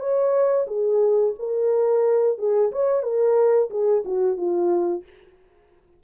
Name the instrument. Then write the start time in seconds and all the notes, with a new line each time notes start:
horn
0.00 C#5
0.68 G#4
1.39 A#4
2.38 G#4
2.72 C#5
3.03 A#4
3.70 G#4
4.05 F#4
4.37 F4